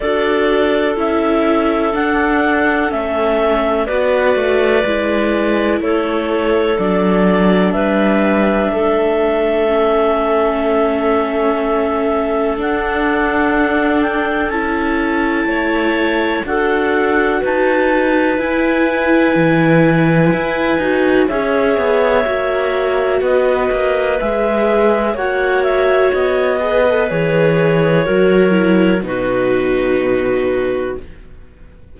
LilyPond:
<<
  \new Staff \with { instrumentName = "clarinet" } { \time 4/4 \tempo 4 = 62 d''4 e''4 fis''4 e''4 | d''2 cis''4 d''4 | e''1~ | e''4 fis''4. g''8 a''4~ |
a''4 fis''4 a''4 gis''4~ | gis''2 e''2 | dis''4 e''4 fis''8 e''8 dis''4 | cis''2 b'2 | }
  \new Staff \with { instrumentName = "clarinet" } { \time 4/4 a'1 | b'2 a'2 | b'4 a'2.~ | a'1 |
cis''4 a'4 b'2~ | b'2 cis''2 | b'2 cis''4. b'8~ | b'4 ais'4 fis'2 | }
  \new Staff \with { instrumentName = "viola" } { \time 4/4 fis'4 e'4 d'4 cis'4 | fis'4 e'2 d'4~ | d'2 cis'2~ | cis'4 d'2 e'4~ |
e'4 fis'2 e'4~ | e'4. fis'8 gis'4 fis'4~ | fis'4 gis'4 fis'4. gis'16 a'16 | gis'4 fis'8 e'8 dis'2 | }
  \new Staff \with { instrumentName = "cello" } { \time 4/4 d'4 cis'4 d'4 a4 | b8 a8 gis4 a4 fis4 | g4 a2.~ | a4 d'2 cis'4 |
a4 d'4 dis'4 e'4 | e4 e'8 dis'8 cis'8 b8 ais4 | b8 ais8 gis4 ais4 b4 | e4 fis4 b,2 | }
>>